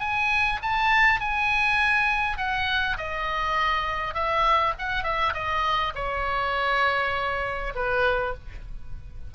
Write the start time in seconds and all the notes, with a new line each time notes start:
0.00 G#5
0.62 A5
1.20 G#5
2.38 F#5
2.97 D#5
4.14 E5
4.78 F#5
5.04 E5
5.34 D#5
5.95 C#5
7.75 B4